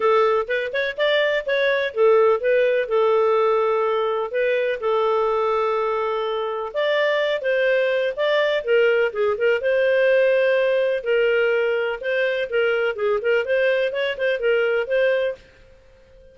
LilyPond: \new Staff \with { instrumentName = "clarinet" } { \time 4/4 \tempo 4 = 125 a'4 b'8 cis''8 d''4 cis''4 | a'4 b'4 a'2~ | a'4 b'4 a'2~ | a'2 d''4. c''8~ |
c''4 d''4 ais'4 gis'8 ais'8 | c''2. ais'4~ | ais'4 c''4 ais'4 gis'8 ais'8 | c''4 cis''8 c''8 ais'4 c''4 | }